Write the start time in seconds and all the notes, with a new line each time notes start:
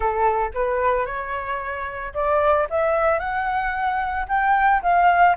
0.00 A4
0.54 B4
1.06 C#5
2.14 D5
2.70 E5
3.19 F#5
4.28 G5
4.82 F5